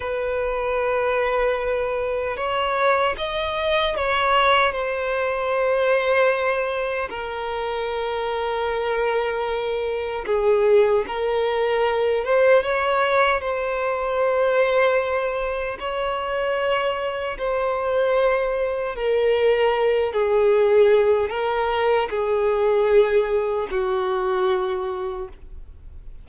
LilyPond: \new Staff \with { instrumentName = "violin" } { \time 4/4 \tempo 4 = 76 b'2. cis''4 | dis''4 cis''4 c''2~ | c''4 ais'2.~ | ais'4 gis'4 ais'4. c''8 |
cis''4 c''2. | cis''2 c''2 | ais'4. gis'4. ais'4 | gis'2 fis'2 | }